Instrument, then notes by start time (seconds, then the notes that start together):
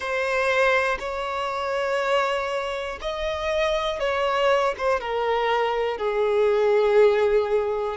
violin
0.00 C5
0.99 C#5
3.00 D#5
4.00 C#5
4.77 C5
5.00 A#4
5.97 G#4